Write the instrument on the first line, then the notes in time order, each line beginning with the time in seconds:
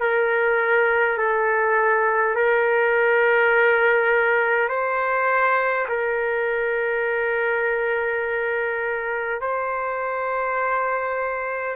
trumpet
0.00 A#4
1.17 A4
2.35 A#4
4.68 C5
5.88 A#4
9.41 C5